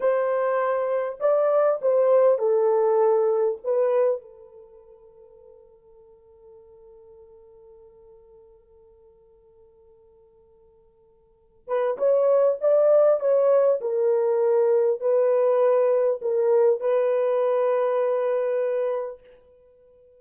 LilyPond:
\new Staff \with { instrumentName = "horn" } { \time 4/4 \tempo 4 = 100 c''2 d''4 c''4 | a'2 b'4 a'4~ | a'1~ | a'1~ |
a'2.~ a'8 b'8 | cis''4 d''4 cis''4 ais'4~ | ais'4 b'2 ais'4 | b'1 | }